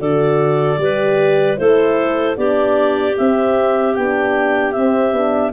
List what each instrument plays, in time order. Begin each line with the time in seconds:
0.00 tuba D3, horn F#4, clarinet A4 D5
0.78 tuba G3, horn G4, clarinet B4
1.57 tuba A3, horn E4, clarinet A4 C5
2.37 tuba B3, horn D4, clarinet G4 D5
3.18 horn C4, tuba C4, clarinet E5
3.95 tuba B3, horn D4, clarinet G5
4.72 horn C4, tuba C4, clarinet E5
5.13 tuba B3, horn D4